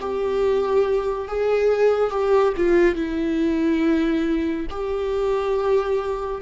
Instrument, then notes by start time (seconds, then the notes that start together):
viola
0.00 G4
1.28 G#4
2.10 G4
2.57 F4
2.95 E4
4.70 G4